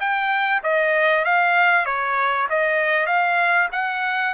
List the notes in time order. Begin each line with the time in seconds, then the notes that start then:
0.00 G5
0.63 D#5
1.25 F5
1.85 C#5
2.49 D#5
3.06 F5
3.72 F#5